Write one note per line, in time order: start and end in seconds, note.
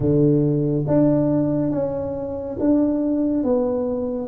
0.00 0.85 D3
0.86 1.71 D4
1.71 2.56 C#4
2.59 3.43 D4
3.43 4.28 B3